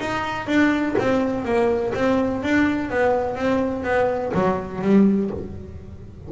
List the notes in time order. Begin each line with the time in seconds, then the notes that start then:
0.00 D#4
0.47 D4
0.99 C4
1.45 A#3
1.95 C4
2.43 D4
2.90 B3
3.36 C4
3.84 B3
4.34 F#3
4.82 G3